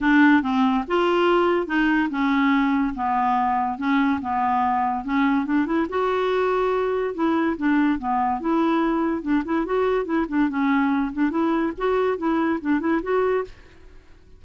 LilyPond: \new Staff \with { instrumentName = "clarinet" } { \time 4/4 \tempo 4 = 143 d'4 c'4 f'2 | dis'4 cis'2 b4~ | b4 cis'4 b2 | cis'4 d'8 e'8 fis'2~ |
fis'4 e'4 d'4 b4 | e'2 d'8 e'8 fis'4 | e'8 d'8 cis'4. d'8 e'4 | fis'4 e'4 d'8 e'8 fis'4 | }